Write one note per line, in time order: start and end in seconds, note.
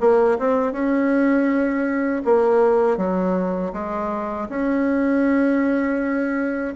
0.00 0.38 A#3
0.39 0.72 C4
0.72 2.22 C#4
2.24 2.97 A#3
2.97 3.72 F#3
3.72 4.47 G#3
4.49 6.74 C#4